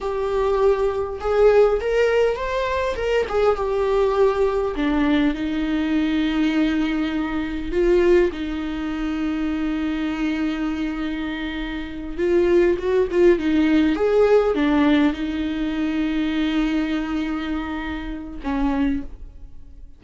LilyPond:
\new Staff \with { instrumentName = "viola" } { \time 4/4 \tempo 4 = 101 g'2 gis'4 ais'4 | c''4 ais'8 gis'8 g'2 | d'4 dis'2.~ | dis'4 f'4 dis'2~ |
dis'1~ | dis'8 f'4 fis'8 f'8 dis'4 gis'8~ | gis'8 d'4 dis'2~ dis'8~ | dis'2. cis'4 | }